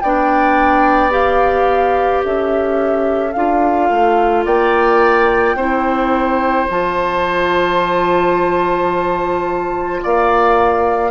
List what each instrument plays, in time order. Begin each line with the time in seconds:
0.00 bassoon B3, clarinet D4, oboe D5, flute G5
1.10 clarinet G4, flute F5
2.24 bassoon C#4, oboe A4, flute E5
3.32 bassoon D4, clarinet F4, flute F5
3.89 bassoon A3
4.45 bassoon A#3, oboe D5, flute G5
5.55 bassoon C4, clarinet E4, oboe C5
6.69 bassoon F3, clarinet F4, flute A5
10.03 bassoon A#3, oboe D5, flute F5